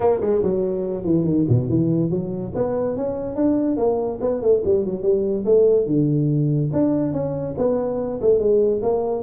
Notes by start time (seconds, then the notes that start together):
0.00 A#3
0.20 G#3
0.43 F#3
1.04 E3
1.24 D#3
1.49 B2
1.69 E3
2.10 F#3
2.55 B3
2.96 C#4
3.35 D4
3.76 A#3
4.21 B3
4.41 A3
4.64 G3
4.85 F#3
5.02 G3
5.45 A3
5.86 D3
6.72 D4
7.13 C#4
7.57 B3
8.21 A3
8.39 G#3
8.82 A#3